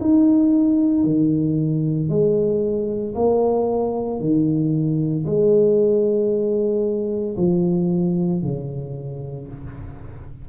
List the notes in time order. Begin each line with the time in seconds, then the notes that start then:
0.00 D#4
1.03 D#3
2.09 G#3
3.14 A#3
4.20 D#3
5.25 G#3
7.37 F3
8.42 C#3